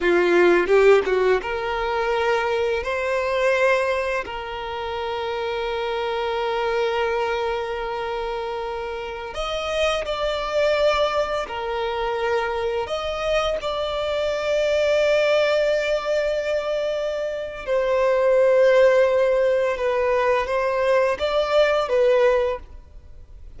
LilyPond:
\new Staff \with { instrumentName = "violin" } { \time 4/4 \tempo 4 = 85 f'4 g'8 fis'8 ais'2 | c''2 ais'2~ | ais'1~ | ais'4~ ais'16 dis''4 d''4.~ d''16~ |
d''16 ais'2 dis''4 d''8.~ | d''1~ | d''4 c''2. | b'4 c''4 d''4 b'4 | }